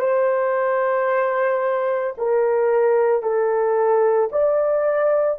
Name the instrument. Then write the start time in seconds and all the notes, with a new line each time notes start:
horn
0.00 C5
2.18 A#4
3.23 A4
4.32 D5